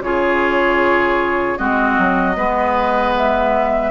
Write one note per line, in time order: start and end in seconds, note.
0.00 1.56 C#3
0.00 1.58 F4
0.00 1.58 G#4
0.00 1.57 C#5
1.57 1.98 G#3
1.57 2.36 C4
1.57 2.36 F#4
1.57 3.13 D#5
1.98 2.37 F#3
2.37 3.91 G#3
2.37 3.91 B3
2.37 3.91 B4
3.17 3.91 E5